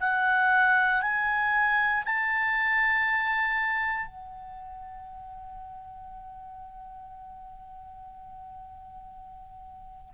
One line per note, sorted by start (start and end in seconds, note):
0.00 1.01 F#5
1.01 2.03 G#5
2.05 4.06 A5
4.06 10.14 F#5